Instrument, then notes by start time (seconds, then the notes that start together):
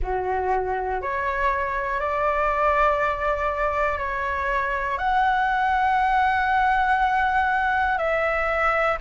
flute
0.02 F#4
1.01 C#5
2.00 D5
3.98 C#5
4.98 F#5
7.97 E5